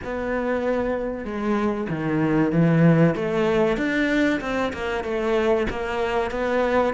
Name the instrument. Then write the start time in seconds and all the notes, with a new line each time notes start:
cello
0.04 B3
1.24 G#3
1.89 D#3
2.51 E3
3.15 A3
3.77 D4
4.40 C4
4.73 A#3
5.04 A3
5.70 A#3
6.30 B3